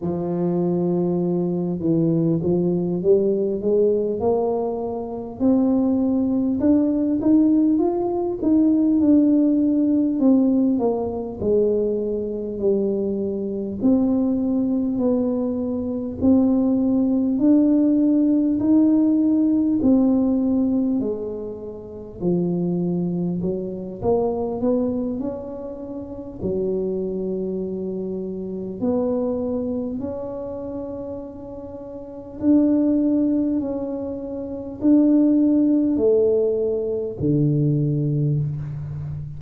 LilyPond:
\new Staff \with { instrumentName = "tuba" } { \time 4/4 \tempo 4 = 50 f4. e8 f8 g8 gis8 ais8~ | ais8 c'4 d'8 dis'8 f'8 dis'8 d'8~ | d'8 c'8 ais8 gis4 g4 c'8~ | c'8 b4 c'4 d'4 dis'8~ |
dis'8 c'4 gis4 f4 fis8 | ais8 b8 cis'4 fis2 | b4 cis'2 d'4 | cis'4 d'4 a4 d4 | }